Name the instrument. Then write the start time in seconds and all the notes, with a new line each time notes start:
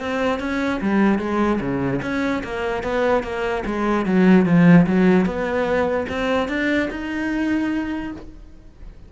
cello
0.00 C4
0.40 C#4
0.81 G3
1.19 G#3
1.61 C#3
2.02 C#4
2.44 A#3
2.83 B3
3.23 A#3
3.65 G#3
4.05 F#3
4.45 F3
4.86 F#3
5.25 B3
6.09 C4
6.49 D4
6.90 D#4